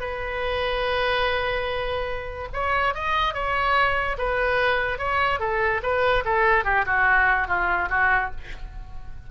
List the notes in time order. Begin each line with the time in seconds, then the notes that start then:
0.00 B4
2.53 C#5
2.95 D#5
3.34 C#5
4.18 B4
4.99 C#5
5.40 A4
5.83 B4
6.25 A4
6.64 G4
6.86 F#4
7.47 F4
7.90 F#4